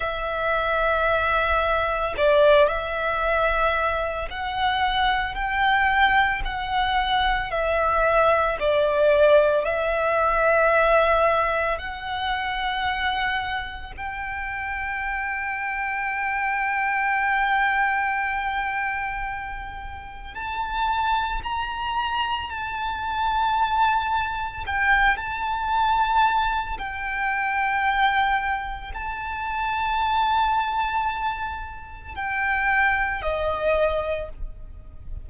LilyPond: \new Staff \with { instrumentName = "violin" } { \time 4/4 \tempo 4 = 56 e''2 d''8 e''4. | fis''4 g''4 fis''4 e''4 | d''4 e''2 fis''4~ | fis''4 g''2.~ |
g''2. a''4 | ais''4 a''2 g''8 a''8~ | a''4 g''2 a''4~ | a''2 g''4 dis''4 | }